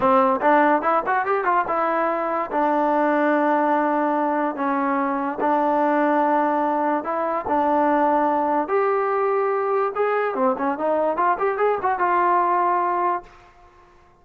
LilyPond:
\new Staff \with { instrumentName = "trombone" } { \time 4/4 \tempo 4 = 145 c'4 d'4 e'8 fis'8 g'8 f'8 | e'2 d'2~ | d'2. cis'4~ | cis'4 d'2.~ |
d'4 e'4 d'2~ | d'4 g'2. | gis'4 c'8 cis'8 dis'4 f'8 g'8 | gis'8 fis'8 f'2. | }